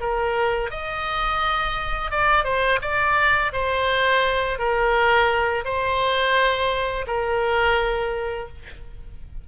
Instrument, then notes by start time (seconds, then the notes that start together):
oboe
0.00 A#4
0.70 D#5
2.11 D5
2.44 C5
2.81 D5
3.53 C5
4.58 A#4
5.65 C5
7.07 A#4